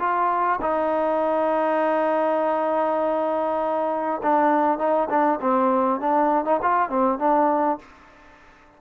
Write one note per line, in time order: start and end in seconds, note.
0.00 0.60 F4
0.61 4.21 D#4
4.23 4.79 D4
4.79 5.09 D#4
5.10 5.40 D4
5.41 6.01 C4
6.01 6.45 D4
6.45 6.60 D#4
6.62 6.89 F4
6.89 7.19 C4
7.19 7.79 D4